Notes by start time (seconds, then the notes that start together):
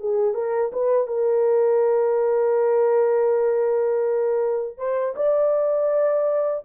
0.00 G#4
0.34 A#4
0.73 B4
1.07 A#4
4.78 C5
5.16 D5